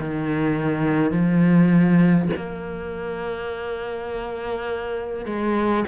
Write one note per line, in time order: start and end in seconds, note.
0.00 1.11 D#3
1.11 2.29 F3
2.36 5.26 A#3
5.26 5.84 G#3